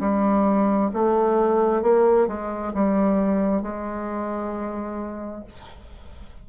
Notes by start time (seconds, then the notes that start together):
0.00 G3
0.94 A3
1.83 A#3
2.28 G#3
2.74 G3
3.62 G#3